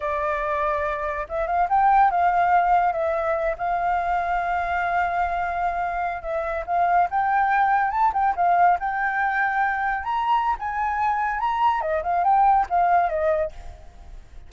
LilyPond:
\new Staff \with { instrumentName = "flute" } { \time 4/4 \tempo 4 = 142 d''2. e''8 f''8 | g''4 f''2 e''4~ | e''8 f''2.~ f''8~ | f''2~ f''8. e''4 f''16~ |
f''8. g''2 a''8 g''8 f''16~ | f''8. g''2. ais''16~ | ais''4 gis''2 ais''4 | dis''8 f''8 g''4 f''4 dis''4 | }